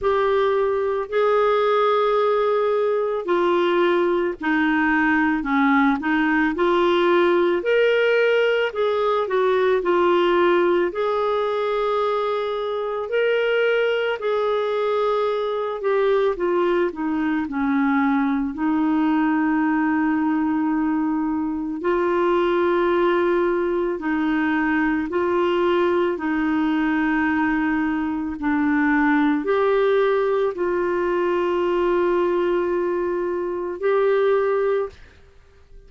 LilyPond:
\new Staff \with { instrumentName = "clarinet" } { \time 4/4 \tempo 4 = 55 g'4 gis'2 f'4 | dis'4 cis'8 dis'8 f'4 ais'4 | gis'8 fis'8 f'4 gis'2 | ais'4 gis'4. g'8 f'8 dis'8 |
cis'4 dis'2. | f'2 dis'4 f'4 | dis'2 d'4 g'4 | f'2. g'4 | }